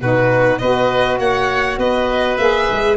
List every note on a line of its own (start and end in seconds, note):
0.00 0.60 B2
0.00 0.60 D#4
0.00 0.59 F#4
0.00 0.58 B4
0.58 1.18 B3
0.58 2.38 F#4
0.58 1.20 B4
0.58 1.17 D#5
1.18 1.77 A#3
1.18 1.79 C#5
1.18 1.79 F#5
1.77 2.37 B3
1.77 2.96 B4
1.77 2.37 D#5
2.37 2.68 A#3
2.37 2.96 G#4
2.37 2.96 E5
2.70 2.96 G#3